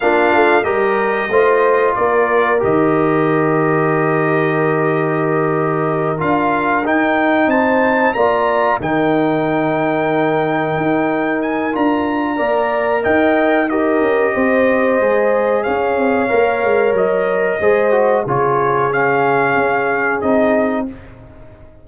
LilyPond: <<
  \new Staff \with { instrumentName = "trumpet" } { \time 4/4 \tempo 4 = 92 f''4 dis''2 d''4 | dis''1~ | dis''4. f''4 g''4 a''8~ | a''8 ais''4 g''2~ g''8~ |
g''4. gis''8 ais''2 | g''4 dis''2. | f''2 dis''2 | cis''4 f''2 dis''4 | }
  \new Staff \with { instrumentName = "horn" } { \time 4/4 f'4 ais'4 c''4 ais'4~ | ais'1~ | ais'2.~ ais'8 c''8~ | c''8 d''4 ais'2~ ais'8~ |
ais'2. d''4 | dis''4 ais'4 c''2 | cis''2. c''4 | gis'1 | }
  \new Staff \with { instrumentName = "trombone" } { \time 4/4 d'4 g'4 f'2 | g'1~ | g'4. f'4 dis'4.~ | dis'8 f'4 dis'2~ dis'8~ |
dis'2 f'4 ais'4~ | ais'4 g'2 gis'4~ | gis'4 ais'2 gis'8 fis'8 | f'4 cis'2 dis'4 | }
  \new Staff \with { instrumentName = "tuba" } { \time 4/4 ais8 a8 g4 a4 ais4 | dis1~ | dis4. d'4 dis'4 c'8~ | c'8 ais4 dis2~ dis8~ |
dis8 dis'4. d'4 ais4 | dis'4. cis'8 c'4 gis4 | cis'8 c'8 ais8 gis8 fis4 gis4 | cis2 cis'4 c'4 | }
>>